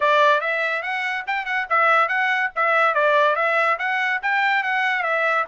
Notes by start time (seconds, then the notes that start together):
0.00 D5
0.40 E5
0.82 F#5
1.26 G5
1.45 F#5
1.69 E5
2.08 F#5
2.55 E5
2.94 D5
3.35 E5
3.78 F#5
4.22 G5
4.63 F#5
5.02 E5